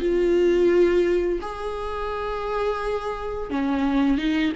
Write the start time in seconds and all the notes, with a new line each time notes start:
0.00 F4
1.42 G#4
3.50 C#4
4.18 D#4